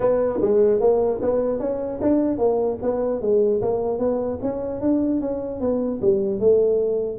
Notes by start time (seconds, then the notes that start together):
0.00 B3
0.41 G#3
0.80 A#3
1.21 B3
1.59 C#4
2.01 D4
2.38 A#3
2.81 B3
3.21 G#3
3.61 A#3
3.98 B3
4.41 C#4
4.81 D4
5.21 C#4
5.60 B3
6.01 G3
6.39 A3